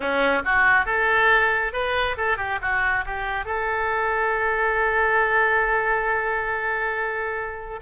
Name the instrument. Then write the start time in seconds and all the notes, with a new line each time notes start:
oboe
0.00 C#4
0.44 F#4
0.85 A4
1.73 B4
2.17 A4
2.37 G4
2.61 F#4
3.05 G4
3.45 A4